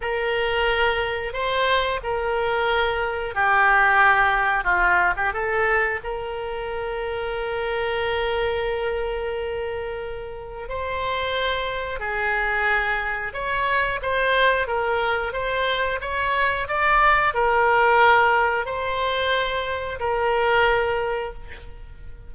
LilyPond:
\new Staff \with { instrumentName = "oboe" } { \time 4/4 \tempo 4 = 90 ais'2 c''4 ais'4~ | ais'4 g'2 f'8. g'16 | a'4 ais'2.~ | ais'1 |
c''2 gis'2 | cis''4 c''4 ais'4 c''4 | cis''4 d''4 ais'2 | c''2 ais'2 | }